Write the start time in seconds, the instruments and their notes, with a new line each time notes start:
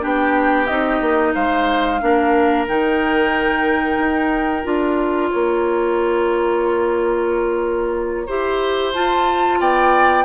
0.00 bassoon B3, clarinet D4, oboe G4, flute G5
0.67 bassoon C4, clarinet D#4, flute D#5
1.00 bassoon A#3
1.34 bassoon G#3, oboe C5, flute F5
2.01 bassoon A#3, clarinet D4, oboe A#4
2.67 bassoon D#3, clarinet D#4, flute G5
3.97 bassoon D#4
4.63 bassoon D4, clarinet F4, flute A#5
5.29 bassoon A#3, oboe C#5
8.26 bassoon E4, clarinet G4, oboe C5
8.93 clarinet F4, bassoon F4, flute A5
9.59 bassoon B3, oboe D5, flute G5